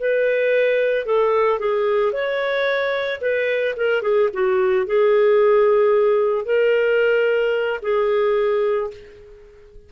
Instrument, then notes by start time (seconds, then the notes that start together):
clarinet
0.00 B4
1.06 A4
1.59 G#4
2.13 C#5
3.21 B4
3.77 A#4
4.02 G#4
4.34 F#4
4.86 G#4
6.46 A#4
7.82 G#4